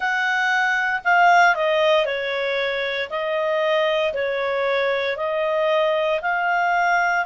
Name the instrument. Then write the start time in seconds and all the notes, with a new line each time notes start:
clarinet
0.00 F#5
1.04 F5
1.55 D#5
2.05 C#5
3.09 D#5
4.13 C#5
5.17 D#5
6.21 F5